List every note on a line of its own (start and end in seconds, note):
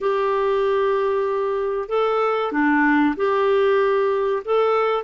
0.00 1.88 G4
1.88 2.51 A4
2.51 3.15 D4
3.16 4.42 G4
4.44 5.03 A4